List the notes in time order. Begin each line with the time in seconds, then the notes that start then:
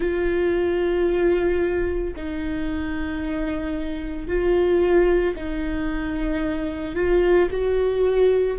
0.00 F4
2.15 D#4
4.27 F4
5.35 D#4
6.94 F4
7.50 F#4